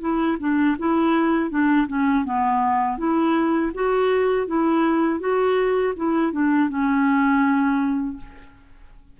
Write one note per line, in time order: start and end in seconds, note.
0.00 0.37 E4
0.39 0.76 D4
0.78 1.50 E4
1.50 1.87 D4
1.87 2.24 C#4
2.25 2.97 B3
2.97 3.71 E4
3.74 4.47 F#4
4.47 5.20 E4
5.20 5.94 F#4
5.96 6.32 E4
6.32 6.69 D4
6.69 8.17 C#4